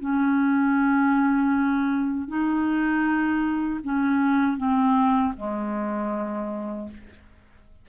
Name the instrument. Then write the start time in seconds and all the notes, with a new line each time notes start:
clarinet
0.00 C#4
2.28 D#4
3.84 C#4
4.57 C4
5.36 G#3